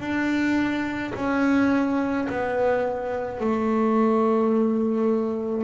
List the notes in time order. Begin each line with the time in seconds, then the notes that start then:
0.00 D4
1.15 C#4
2.30 B3
3.40 A3